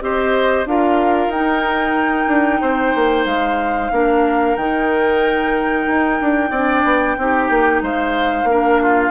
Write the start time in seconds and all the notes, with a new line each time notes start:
0.00 C4 G4 C5 D#5
0.65 D4 F4 A#4 F5
1.27 D#4 G5
1.33 D#4
2.27 D4
2.61 C4 C5
2.94 A#3
3.25 G#3 F5
3.91 A#3 D4 A#4
4.56 D#3 D#4 G5
5.87 D#4
6.20 D4
6.50 C4 D4 D5
6.84 B3
7.17 C4 D#4 G4
7.49 A#3
7.81 G#3 C5 F5
8.43 A#3 D4
8.50 A#4
8.82 F4